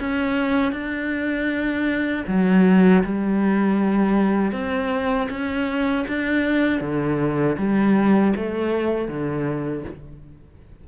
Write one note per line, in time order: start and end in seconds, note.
0.00 0.72 C#4
0.72 2.24 D4
2.28 3.03 F#3
3.04 4.52 G3
4.52 5.28 C4
5.30 6.06 C#4
6.08 6.81 D4
6.81 7.57 D3
7.58 8.34 G3
8.36 9.08 A3
9.08 9.84 D3